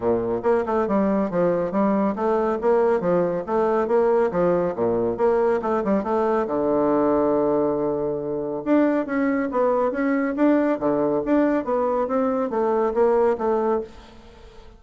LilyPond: \new Staff \with { instrumentName = "bassoon" } { \time 4/4 \tempo 4 = 139 ais,4 ais8 a8 g4 f4 | g4 a4 ais4 f4 | a4 ais4 f4 ais,4 | ais4 a8 g8 a4 d4~ |
d1 | d'4 cis'4 b4 cis'4 | d'4 d4 d'4 b4 | c'4 a4 ais4 a4 | }